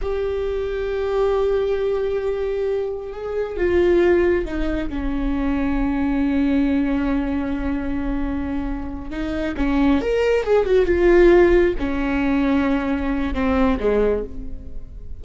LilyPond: \new Staff \with { instrumentName = "viola" } { \time 4/4 \tempo 4 = 135 g'1~ | g'2. gis'4 | f'2 dis'4 cis'4~ | cis'1~ |
cis'1~ | cis'8 dis'4 cis'4 ais'4 gis'8 | fis'8 f'2 cis'4.~ | cis'2 c'4 gis4 | }